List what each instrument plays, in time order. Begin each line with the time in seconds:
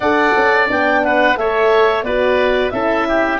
0.00 tuba D4, horn A4, oboe D5, clarinet F#5
0.36 tuba C#4
0.67 tuba B3, horn D4, clarinet G5
1.04 oboe B4, clarinet F#5
1.36 tuba A3, horn A4, oboe C#5, clarinet E5
2.03 tuba B3, horn F#4, oboe B4, clarinet D5
2.70 tuba C#4, horn E4, oboe A4, clarinet E5
3.08 oboe G4